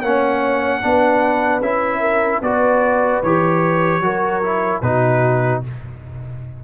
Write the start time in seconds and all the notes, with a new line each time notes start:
0.00 A#3 C#4 C#5 F#5
0.82 B3 D4 B4
1.61 C#4 E4 E5
2.00 A#4
2.42 B3 F#4 B4 D5
3.23 E3 G4 C#5
4.01 F#3 F#4 A#4
4.43 E4
4.82 B2 D#4 F#4 B4